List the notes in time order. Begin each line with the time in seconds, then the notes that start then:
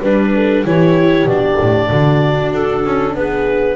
0.00 G3 D4 B4
0.35 A4
0.63 E3 E4 G4 C#5
1.24 B2 D4 D5
1.60 A2
1.89 D3 F#4
2.52 D4 A4
2.85 C#4
3.14 B3 G#4 B4